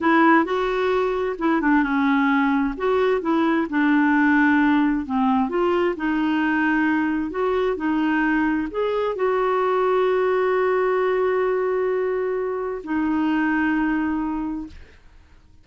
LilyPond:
\new Staff \with { instrumentName = "clarinet" } { \time 4/4 \tempo 4 = 131 e'4 fis'2 e'8 d'8 | cis'2 fis'4 e'4 | d'2. c'4 | f'4 dis'2. |
fis'4 dis'2 gis'4 | fis'1~ | fis'1 | dis'1 | }